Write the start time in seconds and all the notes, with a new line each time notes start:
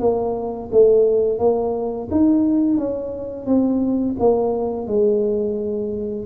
0.00 A#3
0.72 A3
1.39 A#3
2.12 D#4
2.78 C#4
3.47 C4
4.20 A#3
4.88 G#3